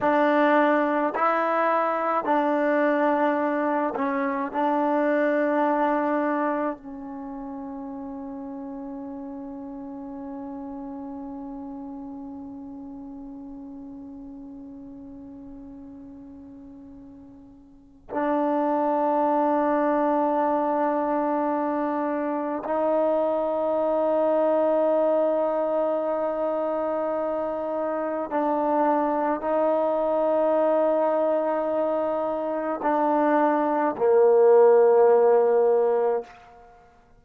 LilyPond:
\new Staff \with { instrumentName = "trombone" } { \time 4/4 \tempo 4 = 53 d'4 e'4 d'4. cis'8 | d'2 cis'2~ | cis'1~ | cis'1 |
d'1 | dis'1~ | dis'4 d'4 dis'2~ | dis'4 d'4 ais2 | }